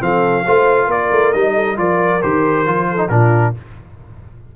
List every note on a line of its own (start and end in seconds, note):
0.00 0.45 F3
0.00 0.44 C4
0.00 0.45 A4
0.00 0.91 F5
0.45 0.88 A3
0.45 1.34 F4
0.45 0.87 C5
0.87 1.10 A#3
0.87 1.53 A#4
0.87 1.33 D5
1.11 1.34 A3
1.33 1.78 G3
1.33 1.76 D#4
1.33 1.77 D#5
1.55 1.77 A4
1.76 2.23 F3
1.76 2.21 F4
1.76 2.90 A#4
1.76 2.22 D5
2.22 2.67 D#3
2.22 2.66 G4
2.22 3.09 C5
2.66 3.09 F3
2.66 2.98 F4
2.91 3.12 A4
2.98 3.09 D#4
3.09 3.54 A#2
3.09 3.54 D4
3.09 3.56 F4
3.09 3.53 A#4